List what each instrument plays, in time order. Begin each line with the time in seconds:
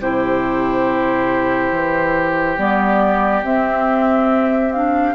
0.00 bassoon C3, clarinet E4, oboe G4, flute C5
1.72 bassoon E3
2.57 bassoon G3, clarinet B3, flute D5
3.43 clarinet C4, bassoon C4, flute E5
4.73 clarinet D4, flute F5